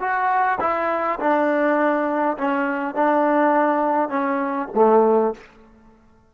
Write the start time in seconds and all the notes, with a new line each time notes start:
0.00 F#4
0.60 E4
1.20 D4
2.38 C#4
2.95 D4
4.09 C#4
4.75 A3